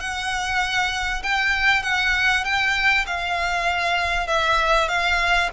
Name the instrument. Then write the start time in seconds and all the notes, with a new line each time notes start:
violin
0.00 F#5
1.23 G5
1.83 F#5
2.45 G5
3.07 F5
4.27 E5
4.89 F5